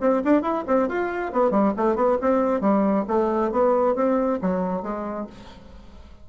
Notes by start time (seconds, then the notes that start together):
0.00 C4
0.24 D4
0.42 E4
0.67 C4
0.88 F4
1.32 B3
1.51 G3
1.76 A3
1.95 B3
2.21 C4
2.60 G3
3.07 A3
3.51 B3
3.95 C4
4.41 F#3
4.82 G#3